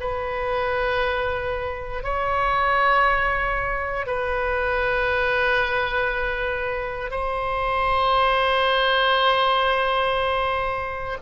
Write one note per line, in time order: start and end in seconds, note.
0.00 2.03 B4
2.03 4.06 C#5
4.06 7.11 B4
7.11 11.18 C5